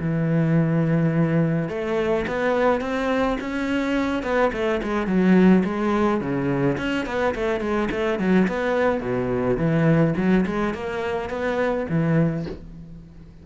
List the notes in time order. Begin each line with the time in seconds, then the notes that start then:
0.00 E3
1.69 A3
2.27 B3
2.81 C4
3.41 C#4
4.23 B3
4.53 A3
4.83 G#3
5.07 F#3
5.65 G#3
6.21 C#3
6.78 C#4
7.06 B3
7.35 A3
7.61 G#3
7.91 A3
8.19 F#3
8.48 B3
9.01 B2
9.58 E3
10.17 F#3
10.46 G#3
10.74 A#3
11.30 B3
11.89 E3